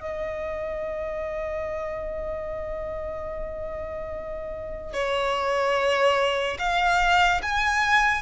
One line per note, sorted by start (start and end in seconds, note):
0.00 4.93 D#5
4.93 6.57 C#5
6.59 7.41 F5
7.42 8.22 G#5